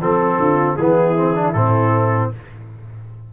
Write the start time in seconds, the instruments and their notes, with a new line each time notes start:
0.00 tuba F3, trombone C4, horn A4, trumpet A4
0.38 tuba D3, horn F4
0.76 tuba E3, trombone B3, horn E4, trumpet G#4
1.17 trombone C4
1.35 trombone D4
1.53 tuba A2, trombone C4, trumpet A4